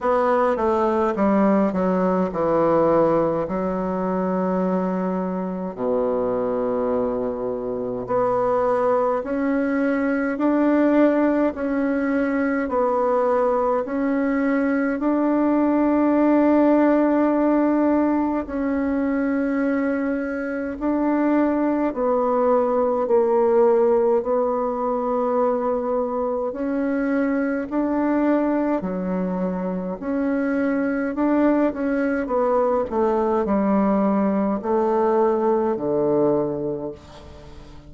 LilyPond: \new Staff \with { instrumentName = "bassoon" } { \time 4/4 \tempo 4 = 52 b8 a8 g8 fis8 e4 fis4~ | fis4 b,2 b4 | cis'4 d'4 cis'4 b4 | cis'4 d'2. |
cis'2 d'4 b4 | ais4 b2 cis'4 | d'4 fis4 cis'4 d'8 cis'8 | b8 a8 g4 a4 d4 | }